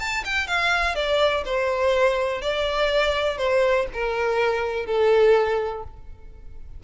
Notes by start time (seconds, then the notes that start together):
0.00 A5
0.25 G5
0.48 F5
0.96 D5
1.45 C5
2.42 D5
3.38 C5
3.94 A#4
4.86 A4